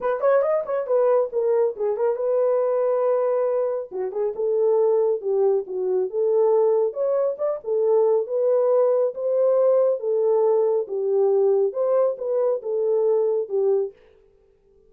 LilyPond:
\new Staff \with { instrumentName = "horn" } { \time 4/4 \tempo 4 = 138 b'8 cis''8 dis''8 cis''8 b'4 ais'4 | gis'8 ais'8 b'2.~ | b'4 fis'8 gis'8 a'2 | g'4 fis'4 a'2 |
cis''4 d''8 a'4. b'4~ | b'4 c''2 a'4~ | a'4 g'2 c''4 | b'4 a'2 g'4 | }